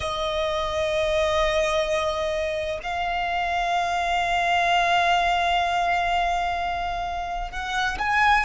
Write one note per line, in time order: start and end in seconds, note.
0.00 2.79 D#5
2.83 7.51 F5
7.51 7.98 F#5
7.98 8.45 G#5